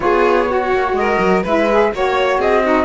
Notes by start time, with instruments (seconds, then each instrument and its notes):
0.00 cello B3, saxophone F4, violin G#4, flute C#5
0.48 saxophone F#4, violin F#4
0.72 cello A#3
0.92 cello G#3, violin A#4, flute D#5
1.19 cello F#3
1.43 cello G#3, saxophone E4, violin B4, flute E5
1.71 saxophone G#4
1.93 cello A#3, saxophone F#4, violin C#5, flute C#5
2.39 cello C4, violin G#4, flute D#5
2.64 saxophone D#4, violin F#4